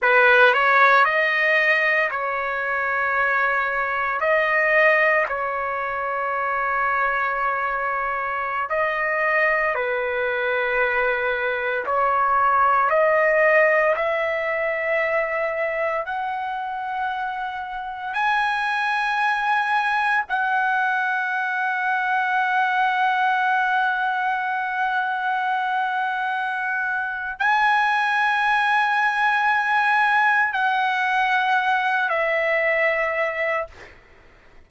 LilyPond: \new Staff \with { instrumentName = "trumpet" } { \time 4/4 \tempo 4 = 57 b'8 cis''8 dis''4 cis''2 | dis''4 cis''2.~ | cis''16 dis''4 b'2 cis''8.~ | cis''16 dis''4 e''2 fis''8.~ |
fis''4~ fis''16 gis''2 fis''8.~ | fis''1~ | fis''2 gis''2~ | gis''4 fis''4. e''4. | }